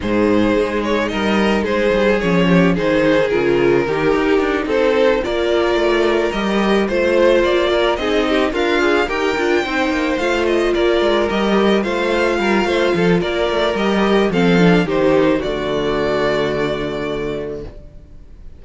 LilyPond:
<<
  \new Staff \with { instrumentName = "violin" } { \time 4/4 \tempo 4 = 109 c''4. cis''8 dis''4 c''4 | cis''4 c''4 ais'2~ | ais'8 c''4 d''2 dis''8~ | dis''8 c''4 d''4 dis''4 f''8~ |
f''8 g''2 f''8 dis''8 d''8~ | d''8 dis''4 f''2~ f''8 | d''4 dis''4 f''4 c''4 | d''1 | }
  \new Staff \with { instrumentName = "violin" } { \time 4/4 gis'2 ais'4 gis'4~ | gis'8 g'8 gis'2 g'4~ | g'8 a'4 ais'2~ ais'8~ | ais'8 c''4. ais'8 gis'8 g'8 f'8~ |
f'8 ais'4 c''2 ais'8~ | ais'4. c''4 ais'8 c''8 a'8 | ais'2 a'4 g'4 | fis'1 | }
  \new Staff \with { instrumentName = "viola" } { \time 4/4 dis'1 | cis'4 dis'4 f'4 dis'4~ | dis'4. f'2 g'8~ | g'8 f'2 dis'4 ais'8 |
gis'8 g'8 f'8 dis'4 f'4.~ | f'8 g'4 f'2~ f'8~ | f'4 g'4 c'8 d'8 dis'4 | a1 | }
  \new Staff \with { instrumentName = "cello" } { \time 4/4 gis,4 gis4 g4 gis8 g8 | f4 dis4 cis4 dis8 dis'8 | d'8 c'4 ais4 a4 g8~ | g8 a4 ais4 c'4 d'8~ |
d'8 dis'8 d'8 c'8 ais8 a4 ais8 | gis8 g4 a4 g8 a8 f8 | ais8 a8 g4 f4 dis4 | d1 | }
>>